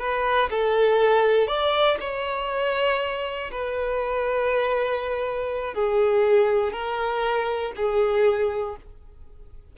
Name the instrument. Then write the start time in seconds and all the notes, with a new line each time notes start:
violin
0.00 B4
0.51 A4
1.48 D5
2.01 C#5
3.52 B4
5.75 G#4
6.73 A#4
7.77 G#4